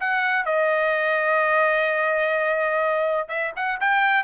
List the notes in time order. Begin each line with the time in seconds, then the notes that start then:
0.00 F#5
0.45 D#5
3.29 E5
3.56 F#5
3.81 G5